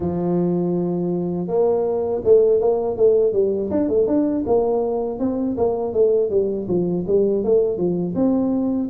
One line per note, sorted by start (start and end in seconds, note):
0.00 1.47 F3
1.47 2.21 A#3
2.24 2.60 A3
2.60 2.96 A#3
2.96 3.33 A3
3.33 3.70 G3
3.70 3.88 D4
3.88 4.07 A3
4.07 4.44 D4
4.46 5.19 A#3
5.19 5.56 C4
5.57 5.93 A#3
5.93 6.30 A3
6.30 6.67 G3
6.67 7.04 F3
7.07 7.43 G3
7.43 7.77 A3
7.77 8.14 F3
8.15 8.89 C4